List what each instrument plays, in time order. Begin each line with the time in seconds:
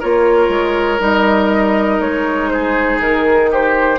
0.00 bassoon A#3, clarinet F4, oboe A#4, flute C#5
0.49 bassoon G#3
0.99 bassoon G3, clarinet D#4, flute D#5
2.00 bassoon G#3, flute C#5
2.50 oboe G#4, flute C5
2.99 bassoon D#3, flute A#4
3.51 oboe G4, flute C5